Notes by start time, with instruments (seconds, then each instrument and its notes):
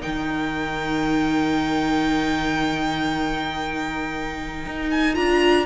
0.00 viola D#4, violin A#4 G5
0.06 cello D#3
4.66 cello D#4
4.90 violin G#5
5.14 cello D4, viola F4, violin A#5